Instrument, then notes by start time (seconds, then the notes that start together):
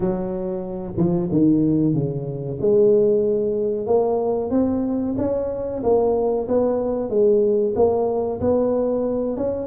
tuba
0.00 F#3
0.97 F3
1.31 D#3
1.94 C#3
2.60 G#3
3.86 A#3
4.50 C4
5.17 C#4
5.83 A#3
6.48 B3
7.09 G#3
7.75 A#3
8.40 B3
9.37 C#4